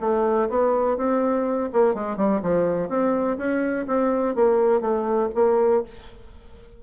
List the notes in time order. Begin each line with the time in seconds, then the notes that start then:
0.00 A3
0.49 B3
0.97 C4
1.72 A#3
1.94 G#3
2.16 G3
2.42 F3
2.88 C4
3.37 C#4
3.87 C4
4.35 A#3
4.81 A3
5.34 A#3